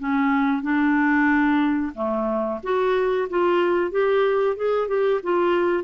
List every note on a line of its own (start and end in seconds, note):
0.00 0.63 C#4
0.63 1.93 D4
1.95 2.61 A3
2.64 3.29 F#4
3.30 3.92 F4
3.92 4.57 G4
4.57 4.89 G#4
4.89 5.21 G4
5.24 5.84 F4